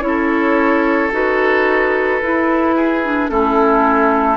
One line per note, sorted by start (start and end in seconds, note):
0.00 1.09 C#4
0.00 1.10 E4
0.00 1.11 C#5
0.07 2.76 A4
1.12 2.22 D#4
1.12 2.21 F#4
1.12 3.29 B4
2.22 3.03 E4
2.22 3.30 E4
2.76 3.30 G#4
3.03 3.29 D4
3.29 4.37 A3
3.29 4.37 C#4
3.29 4.37 E4
3.29 4.37 A4